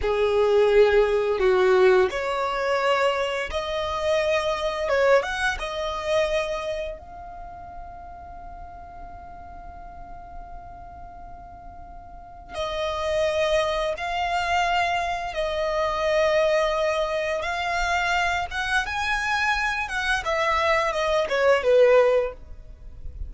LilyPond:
\new Staff \with { instrumentName = "violin" } { \time 4/4 \tempo 4 = 86 gis'2 fis'4 cis''4~ | cis''4 dis''2 cis''8 fis''8 | dis''2 f''2~ | f''1~ |
f''2 dis''2 | f''2 dis''2~ | dis''4 f''4. fis''8 gis''4~ | gis''8 fis''8 e''4 dis''8 cis''8 b'4 | }